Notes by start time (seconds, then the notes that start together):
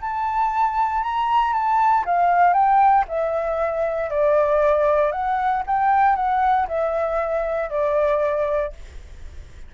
0.00 A5
1.03 A#5
1.52 A5
2.05 F5
2.53 G5
3.08 E5
4.10 D5
5.11 F#5
5.66 G5
6.15 F#5
6.67 E5
7.69 D5